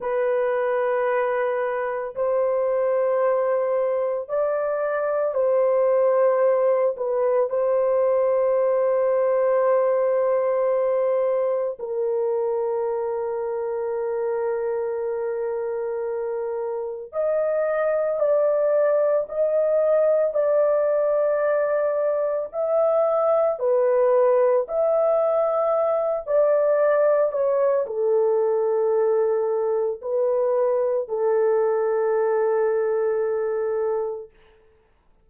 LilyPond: \new Staff \with { instrumentName = "horn" } { \time 4/4 \tempo 4 = 56 b'2 c''2 | d''4 c''4. b'8 c''4~ | c''2. ais'4~ | ais'1 |
dis''4 d''4 dis''4 d''4~ | d''4 e''4 b'4 e''4~ | e''8 d''4 cis''8 a'2 | b'4 a'2. | }